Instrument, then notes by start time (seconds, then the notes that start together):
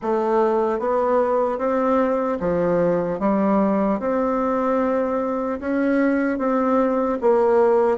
bassoon
0.02 A3
0.79 B3
1.58 C4
2.40 F3
3.19 G3
3.99 C4
5.60 C#4
6.38 C4
7.21 A#3